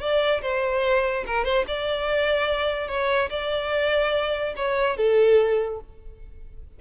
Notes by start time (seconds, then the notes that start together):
0.00 D5
0.42 C5
1.27 A#4
1.44 C5
1.67 D5
2.88 C#5
3.30 D5
4.56 C#5
4.97 A4